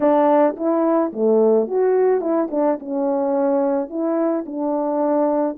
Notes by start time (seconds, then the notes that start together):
0.00 D4
0.56 E4
1.12 A3
1.67 F#4
2.20 E4
2.51 D4
2.79 C#4
3.89 E4
4.46 D4